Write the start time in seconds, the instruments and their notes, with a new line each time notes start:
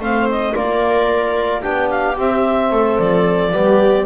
0.00 double bass A3, trombone C4, viola C5, clarinet F5
0.31 clarinet D#5
0.55 double bass A#3, trombone F4, viola A#4, clarinet D5
1.62 double bass B3, trombone D4, viola G4, clarinet G5
1.90 clarinet F5
2.18 trombone C4, double bass C4, clarinet E5
2.72 double bass A3, viola A4
2.99 double bass F3, clarinet D5
3.52 double bass G3, trombone B3, viola G4